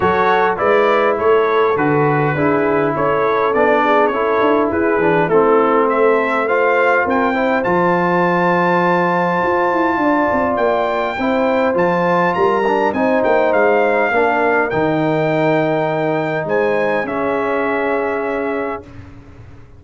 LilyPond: <<
  \new Staff \with { instrumentName = "trumpet" } { \time 4/4 \tempo 4 = 102 cis''4 d''4 cis''4 b'4~ | b'4 cis''4 d''4 cis''4 | b'4 a'4 e''4 f''4 | g''4 a''2.~ |
a''2 g''2 | a''4 ais''4 gis''8 g''8 f''4~ | f''4 g''2. | gis''4 e''2. | }
  \new Staff \with { instrumentName = "horn" } { \time 4/4 a'4 b'4 a'2 | gis'4 a'4. gis'8 a'4 | gis'4 e'4 a'4 c''4 | ais'8 c''2.~ c''8~ |
c''4 d''2 c''4~ | c''4 ais'4 c''2 | ais'1 | c''4 gis'2. | }
  \new Staff \with { instrumentName = "trombone" } { \time 4/4 fis'4 e'2 fis'4 | e'2 d'4 e'4~ | e'8 d'8 c'2 f'4~ | f'8 e'8 f'2.~ |
f'2. e'4 | f'4. d'8 dis'2 | d'4 dis'2.~ | dis'4 cis'2. | }
  \new Staff \with { instrumentName = "tuba" } { \time 4/4 fis4 gis4 a4 d4 | d'4 cis'4 b4 cis'8 d'8 | e'8 e8 a2. | c'4 f2. |
f'8 e'8 d'8 c'8 ais4 c'4 | f4 g4 c'8 ais8 gis4 | ais4 dis2. | gis4 cis'2. | }
>>